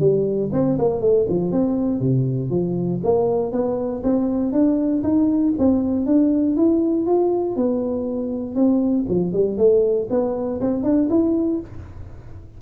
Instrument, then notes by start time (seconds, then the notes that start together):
tuba
0.00 G3
0.53 C4
0.79 A#3
1.01 A3
1.29 F3
1.52 C4
2.01 C3
2.51 F3
3.04 A#3
3.52 B3
4.04 C4
4.53 D4
5.04 D#4
5.59 C4
6.07 D4
6.57 E4
7.07 F4
7.57 B3
8.56 C4
9.09 F3
9.33 G3
9.58 A3
10.10 B3
10.61 C4
10.84 D4
11.10 E4